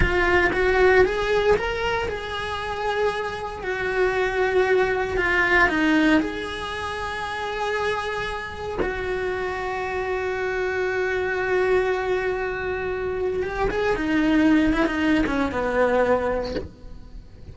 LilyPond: \new Staff \with { instrumentName = "cello" } { \time 4/4 \tempo 4 = 116 f'4 fis'4 gis'4 ais'4 | gis'2. fis'4~ | fis'2 f'4 dis'4 | gis'1~ |
gis'4 fis'2.~ | fis'1~ | fis'2 g'8 gis'8 dis'4~ | dis'8 e'16 dis'8. cis'8 b2 | }